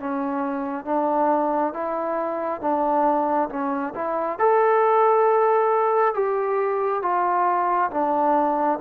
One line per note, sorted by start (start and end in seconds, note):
0.00 0.85 C#4
0.85 1.74 D4
1.74 2.61 E4
2.61 3.49 D4
3.50 3.94 C#4
3.95 4.39 E4
4.39 6.14 A4
6.14 7.02 G4
7.02 7.91 F4
7.91 8.79 D4